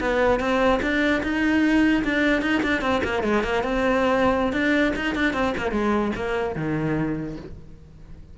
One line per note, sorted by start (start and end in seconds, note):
0.00 0.39 B3
0.39 0.80 C4
0.82 1.22 D4
1.23 2.03 D#4
2.04 2.41 D4
2.41 2.62 D#4
2.62 2.81 D4
2.81 3.01 C4
3.03 3.23 A#3
3.23 3.43 G#3
3.43 3.63 A#3
3.63 4.52 C4
4.52 4.93 D4
4.95 5.15 D#4
5.15 5.33 D4
5.33 5.53 C4
5.57 5.71 A#3
5.71 6.11 G#3
6.15 6.55 A#3
6.55 7.36 D#3